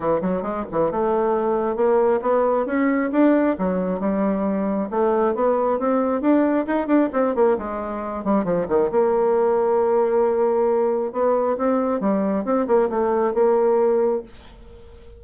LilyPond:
\new Staff \with { instrumentName = "bassoon" } { \time 4/4 \tempo 4 = 135 e8 fis8 gis8 e8 a2 | ais4 b4 cis'4 d'4 | fis4 g2 a4 | b4 c'4 d'4 dis'8 d'8 |
c'8 ais8 gis4. g8 f8 dis8 | ais1~ | ais4 b4 c'4 g4 | c'8 ais8 a4 ais2 | }